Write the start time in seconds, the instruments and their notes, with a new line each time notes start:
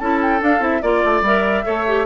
0.00 bassoon C#4, clarinet E4, oboe A4, flute A5
0.22 flute G5
0.41 clarinet D4, bassoon D4, flute F5
0.60 bassoon C4, clarinet E4, flute E5
0.83 bassoon A#3, clarinet F4, oboe D5, flute D5
1.05 bassoon A3
1.22 bassoon G3, clarinet A#4, flute E5
1.65 bassoon A3, clarinet A4, oboe C#5
1.87 clarinet G4